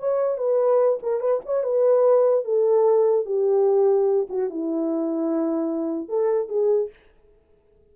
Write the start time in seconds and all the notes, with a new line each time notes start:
0.00 C#5
0.38 B4
1.03 A#4
1.21 B4
1.46 C#5
1.64 B4
2.45 A4
3.26 G4
4.30 F#4
4.50 E4
6.09 A4
6.49 G#4